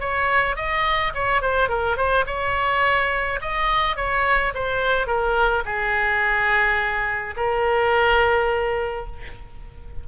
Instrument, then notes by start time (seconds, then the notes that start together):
oboe
0.00 C#5
0.56 D#5
1.14 C#5
1.42 C5
1.69 A#4
1.97 C5
2.26 C#5
3.41 D#5
3.96 C#5
4.54 C5
5.07 A#4
5.65 G#4
7.36 A#4